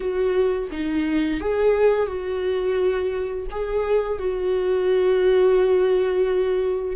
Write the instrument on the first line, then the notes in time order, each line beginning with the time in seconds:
viola
0.00 F#4
0.71 D#4
1.40 G#4
2.06 F#4
3.51 G#4
4.19 F#4